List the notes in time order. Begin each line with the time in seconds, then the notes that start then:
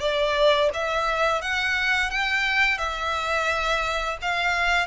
0.00 D5
0.73 E5
1.41 F#5
2.10 G5
2.78 E5
4.21 F5